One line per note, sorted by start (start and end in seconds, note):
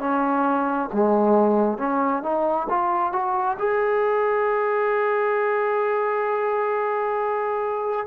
0.00 0.90 C#4
0.93 1.78 G#3
1.78 2.23 C#4
2.23 2.68 D#4
2.70 3.13 F4
3.13 3.57 F#4
3.59 8.07 G#4